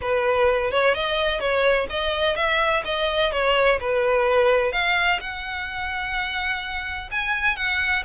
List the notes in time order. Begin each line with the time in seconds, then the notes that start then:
0.01 B4
0.71 C#5
0.94 D#5
1.39 C#5
1.89 D#5
2.36 E5
2.84 D#5
3.32 C#5
3.79 B4
4.72 F5
5.20 F#5
7.11 G#5
7.56 F#5